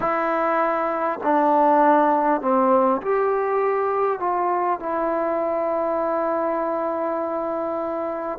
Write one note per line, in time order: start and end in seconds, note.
0.00 1.19 E4
1.23 2.41 D4
2.41 3.01 C4
3.01 4.19 G4
4.19 4.79 F4
4.79 8.38 E4